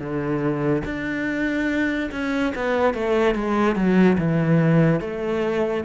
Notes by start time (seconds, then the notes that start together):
0.00 D3
0.86 D4
2.12 C#4
2.56 B3
2.95 A3
3.36 G#3
3.76 F#3
4.19 E3
5.01 A3